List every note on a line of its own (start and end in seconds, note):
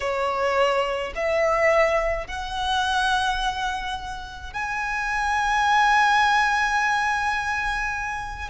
0.00 1.13 C#5
1.15 2.27 E5
2.27 4.53 F#5
4.53 8.49 G#5